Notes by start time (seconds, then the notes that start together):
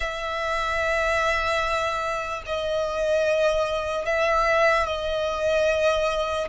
0.00 E5
2.45 D#5
4.05 E5
4.86 D#5